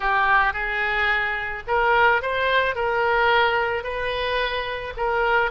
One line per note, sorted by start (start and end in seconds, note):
0.00 0.53 G4
0.53 1.63 G#4
1.67 2.22 A#4
2.22 2.75 C5
2.75 3.83 A#4
3.83 4.93 B4
4.96 5.51 A#4